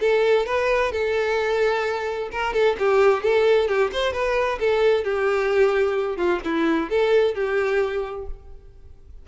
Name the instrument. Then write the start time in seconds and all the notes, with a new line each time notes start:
violin
0.00 A4
0.46 B4
0.92 A4
2.31 A#4
2.53 A4
2.78 G4
3.23 A4
3.68 G4
3.92 C5
4.13 B4
4.59 A4
5.03 G4
6.16 F4
6.44 E4
6.90 A4
7.34 G4